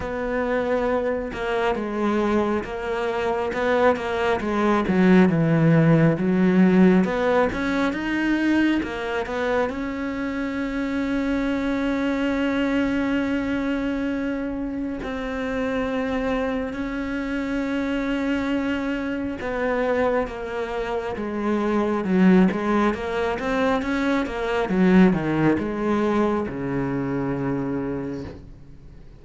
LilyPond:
\new Staff \with { instrumentName = "cello" } { \time 4/4 \tempo 4 = 68 b4. ais8 gis4 ais4 | b8 ais8 gis8 fis8 e4 fis4 | b8 cis'8 dis'4 ais8 b8 cis'4~ | cis'1~ |
cis'4 c'2 cis'4~ | cis'2 b4 ais4 | gis4 fis8 gis8 ais8 c'8 cis'8 ais8 | fis8 dis8 gis4 cis2 | }